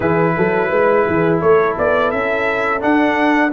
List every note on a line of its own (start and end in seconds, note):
0.00 0.35 E3
0.00 2.79 E4
0.00 0.35 G#4
0.00 1.39 B4
0.37 0.71 F#3
0.37 0.68 A4
0.68 1.06 G#3
0.68 1.03 B4
1.05 1.42 E3
1.05 1.40 G#4
1.40 1.77 A3
1.40 3.52 A4
1.40 1.76 C#5
1.78 2.12 B3
1.78 2.10 D5
2.10 2.83 C#4
2.10 2.81 E5
2.79 3.50 D4
2.79 3.52 D4
2.79 3.52 F#5